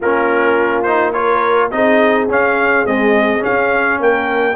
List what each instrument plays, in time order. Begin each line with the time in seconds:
0.00 tuba A#3, trombone C#4, horn F4, trumpet A#4
0.82 trombone D#4, trumpet C5
1.12 trombone F4, horn A#4, trumpet C#5
1.71 tuba C4, trombone D#4, horn G#4, trumpet D#5
2.27 tuba C#4, trombone C#4, trumpet F5
2.86 trombone G#3, tuba C4, trumpet D#5
3.39 trombone C#4, trumpet F5
3.46 tuba C#4
3.99 tuba A#3, horn A#4, trumpet G5